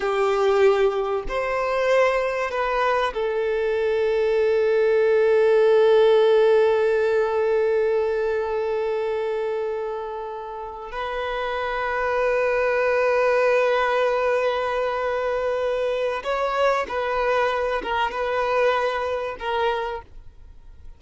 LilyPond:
\new Staff \with { instrumentName = "violin" } { \time 4/4 \tempo 4 = 96 g'2 c''2 | b'4 a'2.~ | a'1~ | a'1~ |
a'4. b'2~ b'8~ | b'1~ | b'2 cis''4 b'4~ | b'8 ais'8 b'2 ais'4 | }